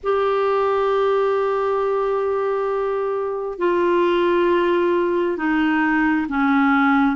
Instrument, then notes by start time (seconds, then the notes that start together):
clarinet
0.02 G4
3.58 F4
5.37 D#4
6.28 C#4